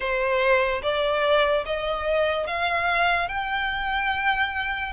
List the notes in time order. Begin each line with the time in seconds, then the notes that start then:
0.00 C5
0.82 D5
1.65 D#5
2.47 F5
3.28 G5